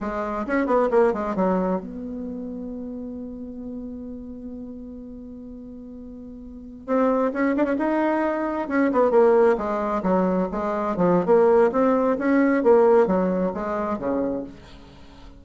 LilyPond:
\new Staff \with { instrumentName = "bassoon" } { \time 4/4 \tempo 4 = 133 gis4 cis'8 b8 ais8 gis8 fis4 | b1~ | b1~ | b2.~ b16 c'8.~ |
c'16 cis'8 d'16 cis'16 dis'2 cis'8 b16~ | b16 ais4 gis4 fis4 gis8.~ | gis16 f8. ais4 c'4 cis'4 | ais4 fis4 gis4 cis4 | }